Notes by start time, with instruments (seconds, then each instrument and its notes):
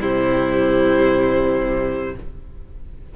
0.00 cello C3, viola G3, violin E4 C5